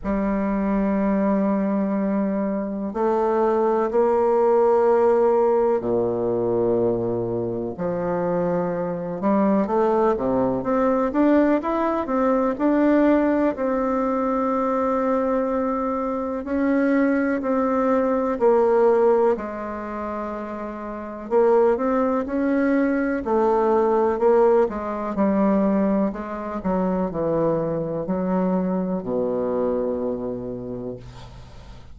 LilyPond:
\new Staff \with { instrumentName = "bassoon" } { \time 4/4 \tempo 4 = 62 g2. a4 | ais2 ais,2 | f4. g8 a8 c8 c'8 d'8 | e'8 c'8 d'4 c'2~ |
c'4 cis'4 c'4 ais4 | gis2 ais8 c'8 cis'4 | a4 ais8 gis8 g4 gis8 fis8 | e4 fis4 b,2 | }